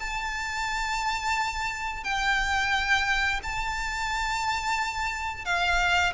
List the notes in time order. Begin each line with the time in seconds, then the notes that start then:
0.00 A5
2.04 G5
3.43 A5
5.45 F5